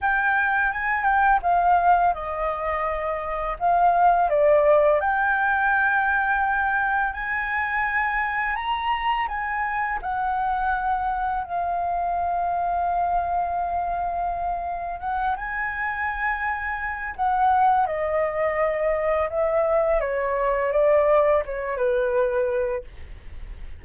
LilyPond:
\new Staff \with { instrumentName = "flute" } { \time 4/4 \tempo 4 = 84 g''4 gis''8 g''8 f''4 dis''4~ | dis''4 f''4 d''4 g''4~ | g''2 gis''2 | ais''4 gis''4 fis''2 |
f''1~ | f''4 fis''8 gis''2~ gis''8 | fis''4 dis''2 e''4 | cis''4 d''4 cis''8 b'4. | }